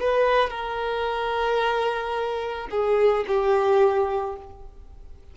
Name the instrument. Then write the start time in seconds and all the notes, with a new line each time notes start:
violin
0.00 B4
0.50 A#4
2.71 G#4
3.28 G4